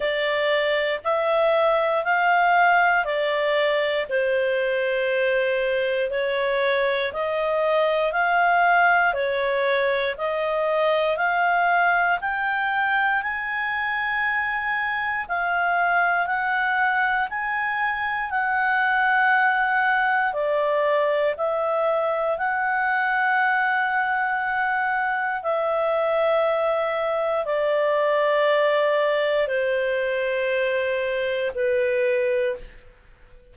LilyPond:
\new Staff \with { instrumentName = "clarinet" } { \time 4/4 \tempo 4 = 59 d''4 e''4 f''4 d''4 | c''2 cis''4 dis''4 | f''4 cis''4 dis''4 f''4 | g''4 gis''2 f''4 |
fis''4 gis''4 fis''2 | d''4 e''4 fis''2~ | fis''4 e''2 d''4~ | d''4 c''2 b'4 | }